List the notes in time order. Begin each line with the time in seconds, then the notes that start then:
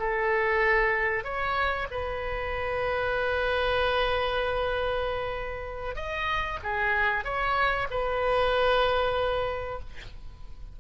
0.00 A4
1.24 C#5
1.91 B4
5.96 D#5
6.63 G#4
7.25 C#5
7.91 B4